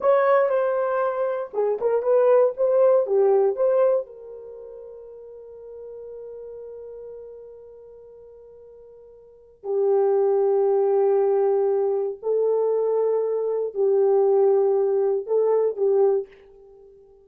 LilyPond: \new Staff \with { instrumentName = "horn" } { \time 4/4 \tempo 4 = 118 cis''4 c''2 gis'8 ais'8 | b'4 c''4 g'4 c''4 | ais'1~ | ais'1~ |
ais'2. g'4~ | g'1 | a'2. g'4~ | g'2 a'4 g'4 | }